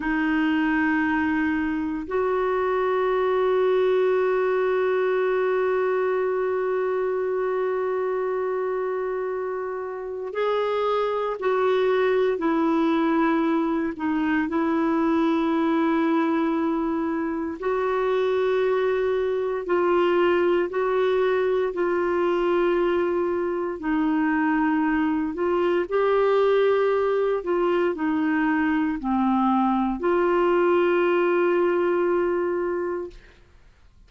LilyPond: \new Staff \with { instrumentName = "clarinet" } { \time 4/4 \tempo 4 = 58 dis'2 fis'2~ | fis'1~ | fis'2 gis'4 fis'4 | e'4. dis'8 e'2~ |
e'4 fis'2 f'4 | fis'4 f'2 dis'4~ | dis'8 f'8 g'4. f'8 dis'4 | c'4 f'2. | }